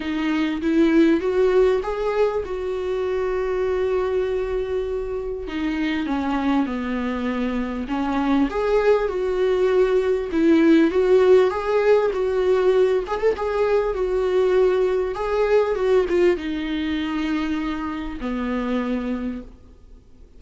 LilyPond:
\new Staff \with { instrumentName = "viola" } { \time 4/4 \tempo 4 = 99 dis'4 e'4 fis'4 gis'4 | fis'1~ | fis'4 dis'4 cis'4 b4~ | b4 cis'4 gis'4 fis'4~ |
fis'4 e'4 fis'4 gis'4 | fis'4. gis'16 a'16 gis'4 fis'4~ | fis'4 gis'4 fis'8 f'8 dis'4~ | dis'2 b2 | }